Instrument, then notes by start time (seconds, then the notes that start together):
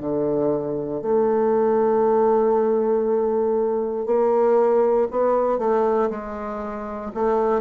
bassoon
0.00 D3
1.01 A3
4.05 A#3
5.10 B3
5.58 A3
6.10 G#3
7.14 A3